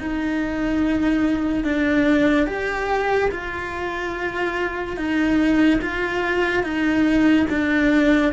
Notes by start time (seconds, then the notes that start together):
0.00 D#4
1.64 D4
2.47 G4
3.31 F4
4.97 D#4
5.82 F4
6.64 D#4
7.50 D4